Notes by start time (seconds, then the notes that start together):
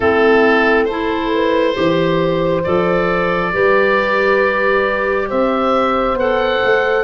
0.00 A3 C4 E4 A4
0.85 E4 A4 C5
1.33 B4
1.74 E3 G4 C5
2.64 F3 A4 D5
3.53 G3 G4 B4
5.28 C4 C5 E5
6.13 B3 A4 F#5
6.64 A3